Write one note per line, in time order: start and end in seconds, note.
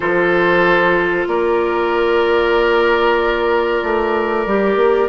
0.00 1.26 F3
0.00 4.46 F4
0.00 1.28 A4
0.00 1.26 C5
1.27 3.82 A#3
1.27 5.09 A#4
1.27 5.09 D5
3.83 4.46 A3
4.46 4.75 G3
4.46 5.09 G4
4.75 5.07 A#3